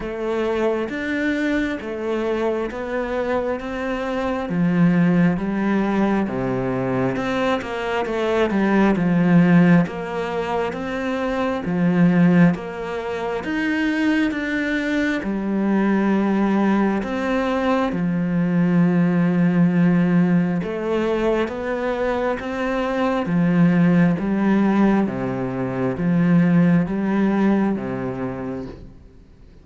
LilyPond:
\new Staff \with { instrumentName = "cello" } { \time 4/4 \tempo 4 = 67 a4 d'4 a4 b4 | c'4 f4 g4 c4 | c'8 ais8 a8 g8 f4 ais4 | c'4 f4 ais4 dis'4 |
d'4 g2 c'4 | f2. a4 | b4 c'4 f4 g4 | c4 f4 g4 c4 | }